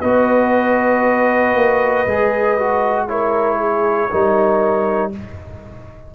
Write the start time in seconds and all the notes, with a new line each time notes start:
0.00 B3 F#4 B4 D#5
1.55 A#3
2.06 G#3 G#4
2.58 F#4
3.08 E4 A#4 C#5
3.57 G#4
4.10 G3 D#4 A#4